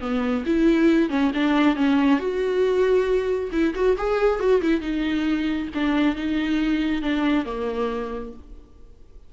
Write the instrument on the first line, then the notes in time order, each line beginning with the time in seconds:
viola
0.00 B3
0.46 E4
1.09 C#4
1.34 D4
1.76 C#4
2.19 F#4
3.52 E4
3.74 F#4
3.97 G#4
4.39 F#4
4.61 E4
4.80 D#4
5.74 D4
6.15 D#4
7.02 D4
7.45 A#3